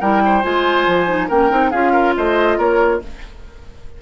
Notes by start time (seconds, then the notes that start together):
0.00 G3 E4 A#4 G5
0.25 C5
0.42 G#3 F4 G#5
0.87 F3
1.06 D#4
1.27 A#3 C#4 A#4 G5
1.50 C4 D#4
1.70 C#4 F4 G#4 F5
1.92 A#4
2.17 A3 C5 D#5
2.57 A#3 A#4 C#5